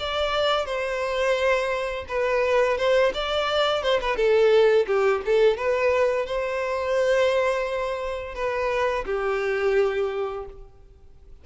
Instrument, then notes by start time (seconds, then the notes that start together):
violin
0.00 D5
0.66 C5
2.09 B4
2.78 C5
3.15 D5
3.83 C5
4.01 B4
4.17 A4
4.87 G4
5.26 A4
5.57 B4
6.26 C5
8.35 B4
9.06 G4